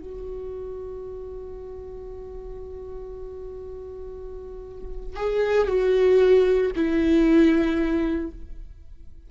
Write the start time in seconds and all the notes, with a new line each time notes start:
0.00 F#4
5.16 G#4
5.68 F#4
6.76 E4